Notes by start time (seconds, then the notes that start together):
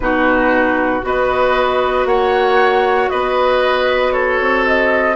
0.00 B2 D#4 F#4 B4
1.00 B3 F#4 B4 D#5
2.05 A#3 C#5 F#5
3.09 B3 B4 D#5
4.12 A4 C#5
4.40 C4
4.66 D#5